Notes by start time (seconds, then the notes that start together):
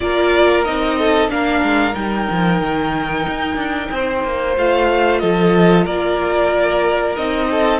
0.00 A#3 F4 A#4 D5
0.64 C4 D#4 D#5
0.98 A4
1.29 A#3 D4 A#4 F5
1.62 G#3
1.93 G3 D#4 G5
2.30 F3
2.60 D#3
3.28 D#4
3.56 D4
3.91 C4 C5
4.24 A#3
4.57 A3 F4 F5
5.19 F3 A4 D#5
5.85 A#3 A#4 D5
7.16 C4 D#4 D#5
7.50 A4